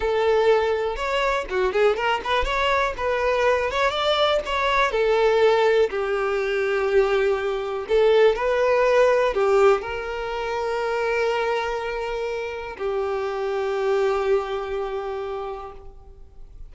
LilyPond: \new Staff \with { instrumentName = "violin" } { \time 4/4 \tempo 4 = 122 a'2 cis''4 fis'8 gis'8 | ais'8 b'8 cis''4 b'4. cis''8 | d''4 cis''4 a'2 | g'1 |
a'4 b'2 g'4 | ais'1~ | ais'2 g'2~ | g'1 | }